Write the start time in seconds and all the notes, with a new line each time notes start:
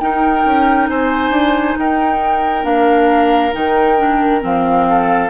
0.00 D#4 A#4 G5
0.45 C#4
0.90 C4 C5 G#5
1.31 D4
1.78 D#4 A#4 G5
2.63 A#3 D4 F5
3.52 D#3 D#4 G5
3.99 D4
4.41 F3 C4 F5
4.89 A4